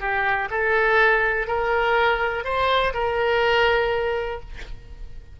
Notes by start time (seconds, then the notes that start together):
0.00 G4
0.50 A4
1.47 A#4
2.44 C5
2.94 A#4